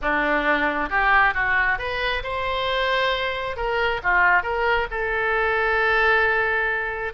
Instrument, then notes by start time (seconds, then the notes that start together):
oboe
0.01 D4
0.89 G4
1.34 F#4
1.78 B4
2.23 C5
3.56 A#4
4.03 F4
4.42 A#4
4.91 A4